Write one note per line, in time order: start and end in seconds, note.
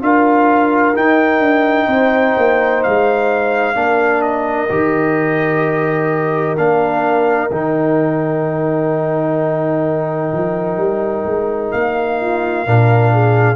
0.00 0.95 D4
0.00 0.94 F4
0.00 1.88 A#4
0.00 0.96 F5
0.94 3.75 D#4
0.94 1.40 D#4
0.94 2.83 G5
1.40 1.87 D4
1.88 2.34 C4
1.88 3.76 C5
2.38 2.85 A#3
2.83 3.75 G#3
2.83 4.22 F5
3.75 4.69 A#3
3.75 4.68 D4
3.75 12.21 A#4
4.22 6.56 D#5
4.70 6.57 D#3
4.70 6.57 G4
6.57 7.51 A#3
6.57 7.51 D4
6.57 7.51 F5
7.51 10.32 D#3
7.51 12.67 D#4
7.51 11.72 G5
10.34 10.77 F3
10.77 11.24 G3
11.25 11.72 G#3
11.72 12.67 A#3
11.72 13.56 F5
12.21 12.66 F4
12.66 13.56 A#2
12.66 13.56 D4
12.66 13.13 A#4
13.13 13.56 G#4